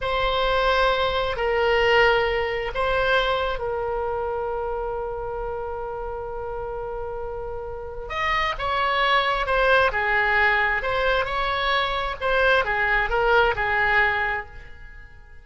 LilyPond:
\new Staff \with { instrumentName = "oboe" } { \time 4/4 \tempo 4 = 133 c''2. ais'4~ | ais'2 c''2 | ais'1~ | ais'1~ |
ais'2 dis''4 cis''4~ | cis''4 c''4 gis'2 | c''4 cis''2 c''4 | gis'4 ais'4 gis'2 | }